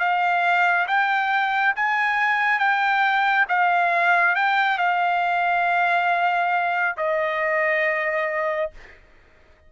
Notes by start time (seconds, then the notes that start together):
0.00 F5
0.88 G5
1.76 G#5
2.59 G5
3.49 F5
4.36 G5
4.79 F5
6.98 D#5